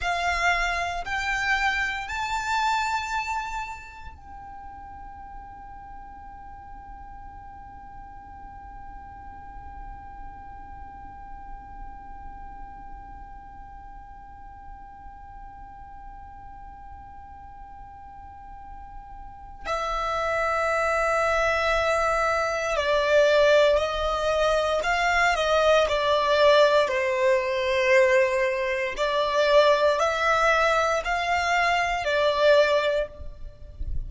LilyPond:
\new Staff \with { instrumentName = "violin" } { \time 4/4 \tempo 4 = 58 f''4 g''4 a''2 | g''1~ | g''1~ | g''1~ |
g''2. e''4~ | e''2 d''4 dis''4 | f''8 dis''8 d''4 c''2 | d''4 e''4 f''4 d''4 | }